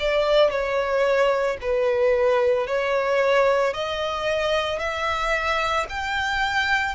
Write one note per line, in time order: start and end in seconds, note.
0.00 0.50 D5
0.50 1.57 C#5
1.61 2.67 B4
2.67 3.74 C#5
3.74 4.79 D#5
4.79 5.86 E5
5.89 6.95 G5